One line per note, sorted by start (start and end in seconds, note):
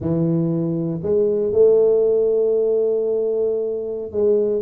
0.00 1.00 E3
1.02 1.52 G#3
1.52 4.11 A3
4.11 4.61 G#3